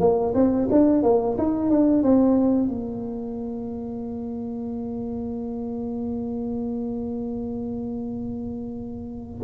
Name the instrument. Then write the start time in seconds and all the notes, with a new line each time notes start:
tuba
0.00 A#3
0.35 C4
0.71 D4
1.03 A#3
1.38 D#4
1.70 D4
2.03 C4
2.68 A#3